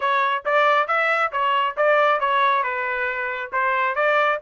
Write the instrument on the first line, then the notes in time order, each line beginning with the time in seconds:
trumpet
0.00 C#5
0.45 D5
0.87 E5
1.32 C#5
1.76 D5
2.20 C#5
2.63 B4
3.52 C5
3.95 D5